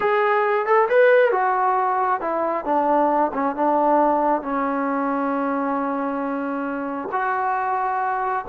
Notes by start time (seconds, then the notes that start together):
0.00 G#4
0.66 A4
0.89 B4
1.31 F#4
2.20 E4
2.64 D4
3.33 C#4
3.55 D4
4.42 C#4
7.12 F#4